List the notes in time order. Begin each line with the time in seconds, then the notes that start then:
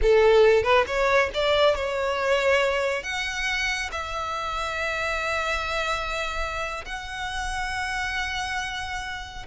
0.02 A4
0.63 B4
0.86 C#5
1.33 D5
1.75 C#5
3.03 F#5
3.91 E5
6.85 F#5